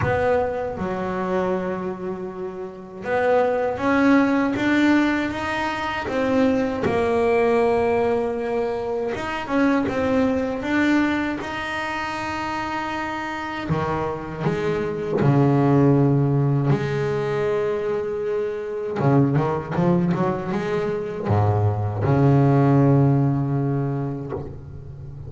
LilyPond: \new Staff \with { instrumentName = "double bass" } { \time 4/4 \tempo 4 = 79 b4 fis2. | b4 cis'4 d'4 dis'4 | c'4 ais2. | dis'8 cis'8 c'4 d'4 dis'4~ |
dis'2 dis4 gis4 | cis2 gis2~ | gis4 cis8 dis8 f8 fis8 gis4 | gis,4 cis2. | }